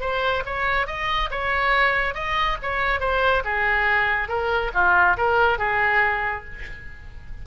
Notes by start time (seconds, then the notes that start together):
0.00 C5
0.45 C#5
0.86 D#5
1.30 C#5
2.14 D#5
2.62 C#5
3.00 C5
3.44 G#4
4.28 A#4
4.74 F4
5.17 A#4
5.58 G#4